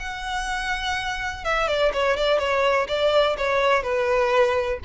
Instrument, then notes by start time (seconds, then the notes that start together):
violin
0.00 F#5
1.45 E5
1.68 D5
1.94 C#5
2.17 D5
2.39 C#5
2.88 D5
3.38 C#5
3.83 B4